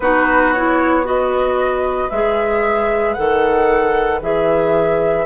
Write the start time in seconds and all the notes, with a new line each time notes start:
0.00 B3 D#4 F#4 B4
0.53 E4 C#5
1.03 F#4 B4 D#5
2.09 G#3 G#4 E5
3.13 D#3 A4 F#5
4.21 E3 G#4 E5